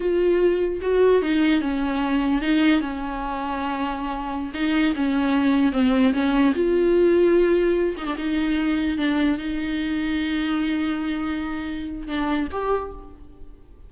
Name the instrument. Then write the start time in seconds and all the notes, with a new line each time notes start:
viola
0.00 F4
0.81 F#4
1.22 D#4
1.61 C#4
2.41 D#4
2.80 C#4
4.54 D#4
4.95 C#4
5.72 C4
6.13 C#4
6.54 F4
7.97 D#4
8.05 D4
8.17 D#4
8.97 D4
9.37 D#4
12.07 D4
12.51 G4